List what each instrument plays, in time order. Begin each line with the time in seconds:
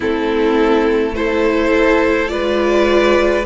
0.00 cello A3, viola C4, violin E4 A4
1.15 viola E4, violin A4 C5
2.28 cello G#3, viola F4, violin B4 D5